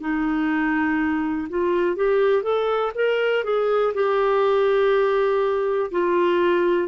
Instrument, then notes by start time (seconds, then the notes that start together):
clarinet
0.00 D#4
1.49 F4
1.96 G4
2.43 A4
2.95 A#4
3.44 G#4
3.94 G4
5.91 F4